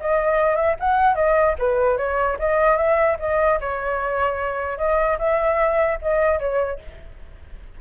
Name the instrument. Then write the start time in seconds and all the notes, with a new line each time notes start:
flute
0.00 D#5
0.56 E5
0.80 F#5
1.15 D#5
1.58 B4
1.97 C#5
2.39 D#5
2.77 E5
3.19 D#5
3.61 C#5
4.78 D#5
5.18 E5
6.02 D#5
6.39 C#5